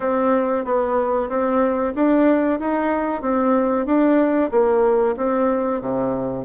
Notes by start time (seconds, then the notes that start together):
0.00 C4
0.64 B3
1.29 C4
1.95 D4
2.59 D#4
3.21 C4
3.86 D4
4.51 A#3
5.16 C4
5.81 C3